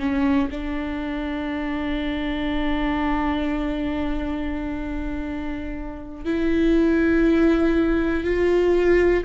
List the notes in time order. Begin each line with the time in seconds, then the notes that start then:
0.00 C#4
0.51 D4
6.25 E4
8.25 F4